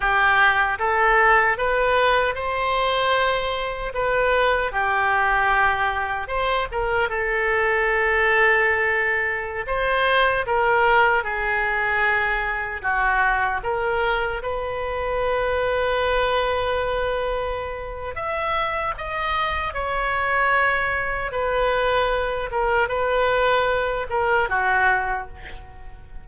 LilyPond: \new Staff \with { instrumentName = "oboe" } { \time 4/4 \tempo 4 = 76 g'4 a'4 b'4 c''4~ | c''4 b'4 g'2 | c''8 ais'8 a'2.~ | a'16 c''4 ais'4 gis'4.~ gis'16~ |
gis'16 fis'4 ais'4 b'4.~ b'16~ | b'2. e''4 | dis''4 cis''2 b'4~ | b'8 ais'8 b'4. ais'8 fis'4 | }